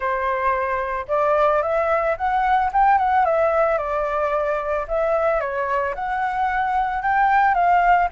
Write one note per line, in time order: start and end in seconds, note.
0.00 1.06 C5
1.08 1.62 D5
1.62 2.16 E5
2.17 2.71 F#5
2.72 2.98 G5
2.98 3.25 F#5
3.25 3.78 E5
3.78 4.86 D5
4.88 5.40 E5
5.40 5.94 C#5
5.95 7.02 F#5
7.02 7.54 G5
7.54 8.08 F5